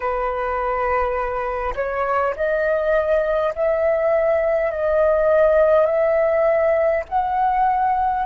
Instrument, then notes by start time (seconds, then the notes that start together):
flute
0.00 B4
1.75 C#5
2.35 D#5
3.55 E5
4.71 D#5
5.86 E5
7.09 F#5